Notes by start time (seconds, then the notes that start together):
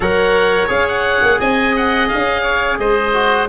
0.00 F#3 A#4 C#5 F#5
0.67 C#4 G#4 F5
0.88 F#5
1.22 A#3
1.39 C4 D#5 G#5
1.76 F#5
2.08 C#4 F5
2.42 C#5
2.78 G#3 C5 D#5
3.13 F#4